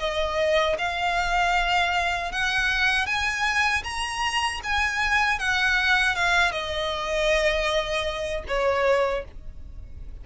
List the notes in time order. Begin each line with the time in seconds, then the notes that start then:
0.00 D#5
0.79 F5
2.32 F#5
3.07 G#5
3.84 A#5
4.64 G#5
5.40 F#5
6.16 F5
6.52 D#5
8.48 C#5